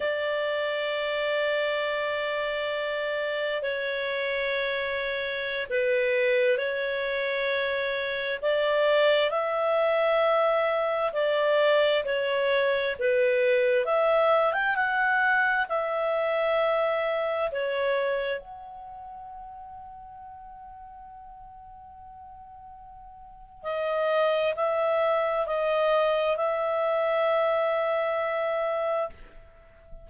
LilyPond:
\new Staff \with { instrumentName = "clarinet" } { \time 4/4 \tempo 4 = 66 d''1 | cis''2~ cis''16 b'4 cis''8.~ | cis''4~ cis''16 d''4 e''4.~ e''16~ | e''16 d''4 cis''4 b'4 e''8. |
g''16 fis''4 e''2 cis''8.~ | cis''16 fis''2.~ fis''8.~ | fis''2 dis''4 e''4 | dis''4 e''2. | }